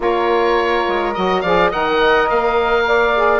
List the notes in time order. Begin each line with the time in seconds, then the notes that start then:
0.00 A#3 F4 A#4 C#5
0.87 G#3
1.13 F#3 F#4 D#5
1.41 F3 G#4 D5 F5
1.69 D#3 A#4 D#5 F#5
2.29 A#3 F5
2.87 D5
3.15 G#4